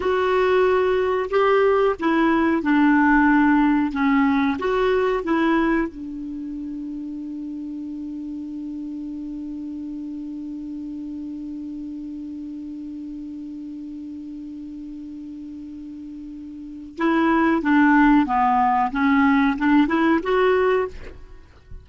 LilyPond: \new Staff \with { instrumentName = "clarinet" } { \time 4/4 \tempo 4 = 92 fis'2 g'4 e'4 | d'2 cis'4 fis'4 | e'4 d'2.~ | d'1~ |
d'1~ | d'1~ | d'2 e'4 d'4 | b4 cis'4 d'8 e'8 fis'4 | }